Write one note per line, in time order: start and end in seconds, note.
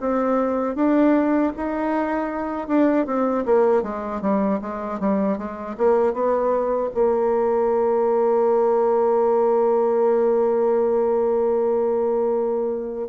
0.00 0.76 C4
0.76 1.52 D4
1.57 2.68 D#4
2.68 3.06 D4
3.06 3.45 C4
3.45 3.83 A#3
3.83 4.21 G#3
4.21 4.60 G3
4.62 5.00 G#3
5.00 5.38 G3
5.38 5.76 G#3
5.77 6.13 A#3
6.13 6.90 B3
6.94 13.08 A#3